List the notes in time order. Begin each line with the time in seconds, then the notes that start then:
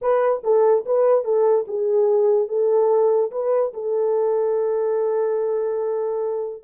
0.01 B4
0.43 A4
0.85 B4
1.24 A4
1.67 G#4
2.48 A4
3.31 B4
3.73 A4